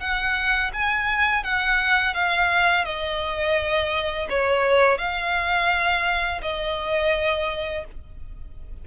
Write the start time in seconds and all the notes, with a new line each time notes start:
0.00 F#5
0.73 G#5
1.44 F#5
2.14 F5
2.85 D#5
4.30 C#5
4.98 F5
6.42 D#5